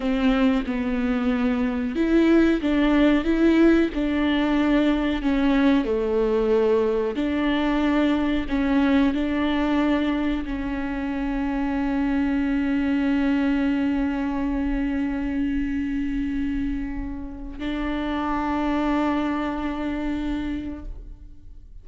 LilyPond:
\new Staff \with { instrumentName = "viola" } { \time 4/4 \tempo 4 = 92 c'4 b2 e'4 | d'4 e'4 d'2 | cis'4 a2 d'4~ | d'4 cis'4 d'2 |
cis'1~ | cis'1~ | cis'2. d'4~ | d'1 | }